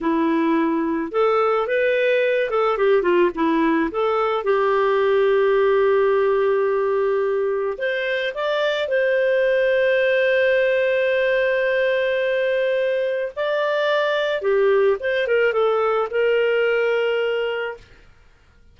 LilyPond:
\new Staff \with { instrumentName = "clarinet" } { \time 4/4 \tempo 4 = 108 e'2 a'4 b'4~ | b'8 a'8 g'8 f'8 e'4 a'4 | g'1~ | g'2 c''4 d''4 |
c''1~ | c''1 | d''2 g'4 c''8 ais'8 | a'4 ais'2. | }